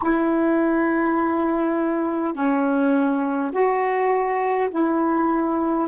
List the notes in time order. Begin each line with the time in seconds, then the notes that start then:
0.02 E4
2.34 C#4
3.51 F#4
4.70 E4